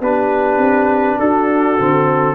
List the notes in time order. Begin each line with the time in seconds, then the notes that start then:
0.00 B3 D4 G4 B4
0.57 C4
1.19 D4 F#4 A4
1.79 D3 C4